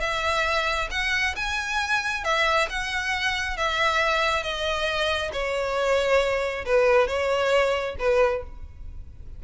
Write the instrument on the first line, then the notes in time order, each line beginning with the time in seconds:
violin
0.00 E5
0.91 F#5
1.36 G#5
2.24 E5
2.70 F#5
3.57 E5
4.43 D#5
5.32 C#5
6.65 B4
7.07 C#5
7.99 B4